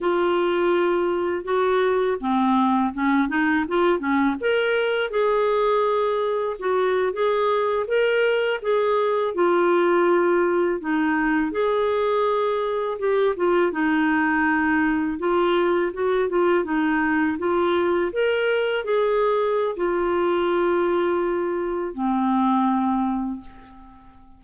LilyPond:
\new Staff \with { instrumentName = "clarinet" } { \time 4/4 \tempo 4 = 82 f'2 fis'4 c'4 | cis'8 dis'8 f'8 cis'8 ais'4 gis'4~ | gis'4 fis'8. gis'4 ais'4 gis'16~ | gis'8. f'2 dis'4 gis'16~ |
gis'4.~ gis'16 g'8 f'8 dis'4~ dis'16~ | dis'8. f'4 fis'8 f'8 dis'4 f'16~ | f'8. ais'4 gis'4~ gis'16 f'4~ | f'2 c'2 | }